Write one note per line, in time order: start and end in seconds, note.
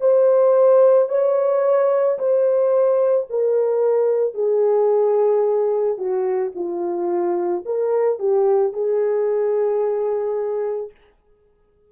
0.00 1.09 C5
1.09 2.18 C#5
2.19 3.28 C5
3.30 4.34 A#4
4.34 5.98 G#4
5.98 6.53 F#4
6.55 7.64 F4
7.66 8.19 A#4
8.19 8.73 G4
8.73 10.91 G#4